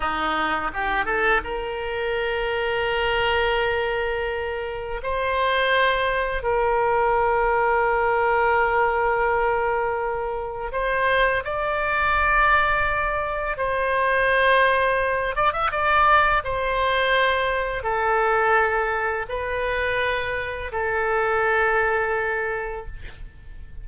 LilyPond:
\new Staff \with { instrumentName = "oboe" } { \time 4/4 \tempo 4 = 84 dis'4 g'8 a'8 ais'2~ | ais'2. c''4~ | c''4 ais'2.~ | ais'2. c''4 |
d''2. c''4~ | c''4. d''16 e''16 d''4 c''4~ | c''4 a'2 b'4~ | b'4 a'2. | }